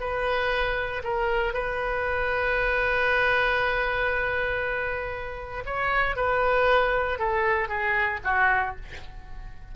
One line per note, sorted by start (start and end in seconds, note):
0.00 1.03 B4
1.03 1.54 A#4
1.54 5.64 B4
5.66 6.16 C#5
6.16 7.19 B4
7.19 7.68 A4
7.68 8.20 G#4
8.24 8.76 F#4